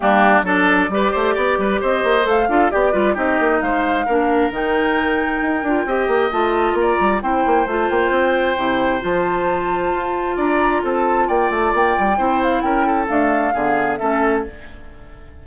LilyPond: <<
  \new Staff \with { instrumentName = "flute" } { \time 4/4 \tempo 4 = 133 g'4 d''2. | dis''4 f''4 d''4 dis''4 | f''2 g''2~ | g''2 a''4 ais''4 |
g''4 a''8 g''2~ g''8 | a''2. ais''4 | a''4 g''8 a''8 g''4. f''8 | g''4 f''2 e''4 | }
  \new Staff \with { instrumentName = "oboe" } { \time 4/4 d'4 a'4 b'8 c''8 d''8 b'8 | c''4. a'8 g'8 b'8 g'4 | c''4 ais'2.~ | ais'4 dis''2 d''4 |
c''1~ | c''2. d''4 | a'4 d''2 c''4 | ais'8 a'4. gis'4 a'4 | }
  \new Staff \with { instrumentName = "clarinet" } { \time 4/4 ais4 d'4 g'2~ | g'4 a'8 f'8 g'8 f'8 dis'4~ | dis'4 d'4 dis'2~ | dis'8 f'8 g'4 f'2 |
e'4 f'2 e'4 | f'1~ | f'2. e'4~ | e'4 a4 b4 cis'4 | }
  \new Staff \with { instrumentName = "bassoon" } { \time 4/4 g4 fis4 g8 a8 b8 g8 | c'8 ais8 a8 d'8 b8 g8 c'8 ais8 | gis4 ais4 dis2 | dis'8 d'8 c'8 ais8 a4 ais8 g8 |
c'8 ais8 a8 ais8 c'4 c4 | f2 f'4 d'4 | c'4 ais8 a8 ais8 g8 c'4 | cis'4 d'4 d4 a4 | }
>>